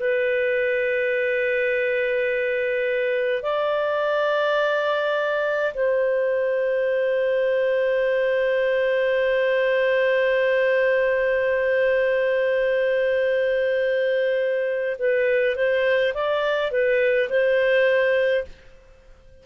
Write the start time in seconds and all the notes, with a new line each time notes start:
0.00 B4
3.42 D5
5.74 C5
14.99 B4
15.56 C5
16.14 D5
16.72 B4
17.30 C5